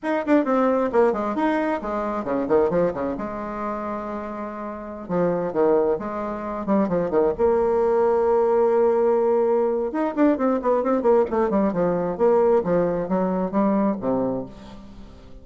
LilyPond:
\new Staff \with { instrumentName = "bassoon" } { \time 4/4 \tempo 4 = 133 dis'8 d'8 c'4 ais8 gis8 dis'4 | gis4 cis8 dis8 f8 cis8 gis4~ | gis2.~ gis16 f8.~ | f16 dis4 gis4. g8 f8 dis16~ |
dis16 ais2.~ ais8.~ | ais2 dis'8 d'8 c'8 b8 | c'8 ais8 a8 g8 f4 ais4 | f4 fis4 g4 c4 | }